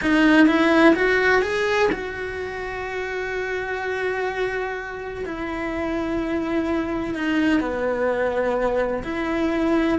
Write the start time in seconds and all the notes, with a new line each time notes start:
0.01 D#4
0.47 E4
0.95 F#4
1.42 G#4
1.92 F#4
5.25 E4
7.15 D#4
7.60 B3
9.03 E4